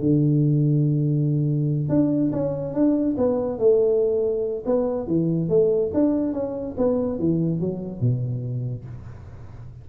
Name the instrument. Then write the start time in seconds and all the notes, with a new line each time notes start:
tuba
0.00 D3
1.89 D4
2.33 C#4
2.74 D4
3.18 B3
3.59 A3
4.66 B3
5.07 E3
5.49 A3
5.94 D4
6.33 C#4
6.78 B3
7.19 E3
7.61 F#3
8.01 B2